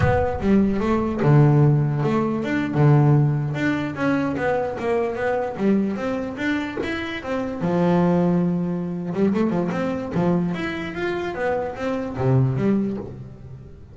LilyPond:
\new Staff \with { instrumentName = "double bass" } { \time 4/4 \tempo 4 = 148 b4 g4 a4 d4~ | d4 a4 d'8. d4~ d16~ | d8. d'4 cis'4 b4 ais16~ | ais8. b4 g4 c'4 d'16~ |
d'8. e'4 c'4 f4~ f16~ | f2~ f8 g8 a8 f8 | c'4 f4 e'4 f'4 | b4 c'4 c4 g4 | }